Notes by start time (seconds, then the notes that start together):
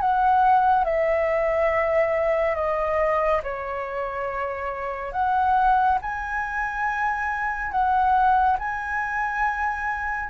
0.00 F#5
0.84 E5
2.55 D#5
3.43 C#5
5.12 F#5
6.02 G#5
7.71 F#5
8.59 G#5